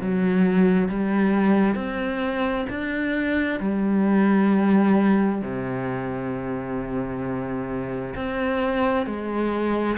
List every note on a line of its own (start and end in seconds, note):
0.00 0.88 F#3
0.88 1.75 G3
1.75 2.66 C4
2.69 3.60 D4
3.60 5.41 G3
5.42 8.14 C3
8.15 9.06 C4
9.06 9.97 G#3